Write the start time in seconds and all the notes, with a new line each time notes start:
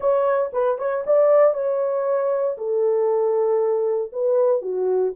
0.00 C#5
0.53 B4
0.78 C#5
1.06 D5
1.54 C#5
2.57 A4
4.12 B4
4.61 F#4